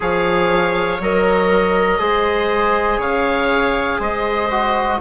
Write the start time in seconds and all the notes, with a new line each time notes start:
0.00 F3 G#4 C#5 F5
0.99 F#3 A#4 D#5
1.99 G#3 G#4 C5
2.97 C#3 C#5 F5
3.98 G#3 C5 D#5
4.50 F#4